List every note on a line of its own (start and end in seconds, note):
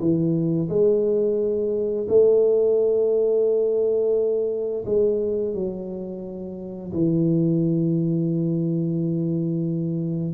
0.00 0.69 E3
0.69 2.07 G#3
2.08 4.84 A3
4.86 5.54 G#3
5.54 6.92 F#3
6.93 10.34 E3